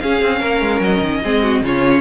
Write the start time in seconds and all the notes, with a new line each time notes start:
0.00 C#4 G#4 F5
0.22 C4
0.40 A#3 A#4
0.61 G#3
0.80 F#3 D#5
1.01 D#3
1.24 G#3 C4 G#4
1.43 F#4
1.62 C#3 C#4 F4 C#5